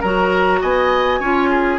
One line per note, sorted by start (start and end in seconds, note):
0.00 0.62 F#3
0.00 1.23 F#4
0.00 0.59 A#4
0.00 0.61 A#5
0.61 1.20 B3
0.61 1.20 D#5
0.61 1.79 G#5
1.20 1.79 C#4
1.20 1.79 F4
1.20 1.49 C#5
1.50 1.79 G#4